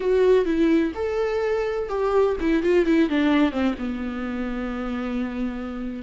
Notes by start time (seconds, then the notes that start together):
0.00 F#4
0.45 E4
0.94 A4
1.89 G4
2.40 E4
2.63 F4
2.85 E4
3.09 D4
3.51 C4
3.78 B3